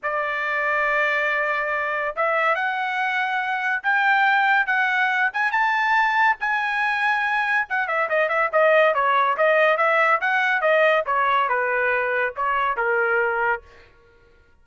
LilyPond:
\new Staff \with { instrumentName = "trumpet" } { \time 4/4 \tempo 4 = 141 d''1~ | d''4 e''4 fis''2~ | fis''4 g''2 fis''4~ | fis''8 gis''8 a''2 gis''4~ |
gis''2 fis''8 e''8 dis''8 e''8 | dis''4 cis''4 dis''4 e''4 | fis''4 dis''4 cis''4 b'4~ | b'4 cis''4 ais'2 | }